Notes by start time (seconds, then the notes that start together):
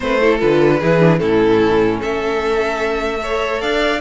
0.00 A3 C4 B4 C5
0.21 E4 A4
0.39 D3 F4 B4
0.79 E3 E4 G#4
0.99 D4
1.19 A2 C#4 E4 A4
1.99 A3 A4 E5
3.18 A4 C#5
3.60 D4 D5 F5